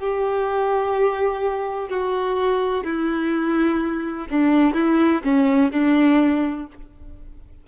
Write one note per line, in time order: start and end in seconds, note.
0.00 1.89 G4
1.89 2.84 F#4
2.84 4.27 E4
4.30 4.74 D4
4.74 5.22 E4
5.24 5.72 C#4
5.72 6.67 D4